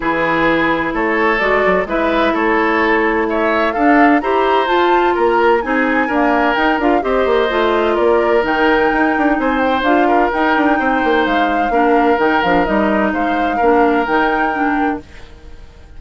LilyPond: <<
  \new Staff \with { instrumentName = "flute" } { \time 4/4 \tempo 4 = 128 b'2 cis''4 d''4 | e''4 cis''2 e''4 | f''4 ais''4 a''4 ais''4 | gis''2 g''8 f''8 dis''4~ |
dis''4 d''4 g''2 | gis''8 g''8 f''4 g''2 | f''2 g''8 f''8 dis''4 | f''2 g''2 | }
  \new Staff \with { instrumentName = "oboe" } { \time 4/4 gis'2 a'2 | b'4 a'2 cis''4 | a'4 c''2 ais'4 | gis'4 ais'2 c''4~ |
c''4 ais'2. | c''4. ais'4. c''4~ | c''4 ais'2. | c''4 ais'2. | }
  \new Staff \with { instrumentName = "clarinet" } { \time 4/4 e'2. fis'4 | e'1 | d'4 g'4 f'2 | dis'4 ais4 dis'8 f'8 g'4 |
f'2 dis'2~ | dis'4 f'4 dis'2~ | dis'4 d'4 dis'8 d'8 dis'4~ | dis'4 d'4 dis'4 d'4 | }
  \new Staff \with { instrumentName = "bassoon" } { \time 4/4 e2 a4 gis8 fis8 | gis4 a2. | d'4 e'4 f'4 ais4 | c'4 d'4 dis'8 d'8 c'8 ais8 |
a4 ais4 dis4 dis'8 d'8 | c'4 d'4 dis'8 d'8 c'8 ais8 | gis4 ais4 dis8 f8 g4 | gis4 ais4 dis2 | }
>>